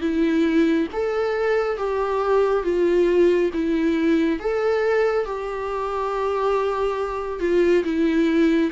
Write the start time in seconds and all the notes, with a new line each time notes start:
0.00 E4
0.92 A4
1.77 G4
2.63 F4
3.53 E4
4.39 A4
5.25 G4
7.40 F4
7.83 E4